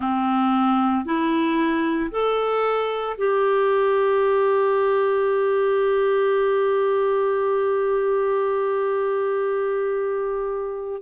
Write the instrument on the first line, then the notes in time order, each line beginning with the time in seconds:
clarinet
0.00 C4
1.05 E4
2.11 A4
3.17 G4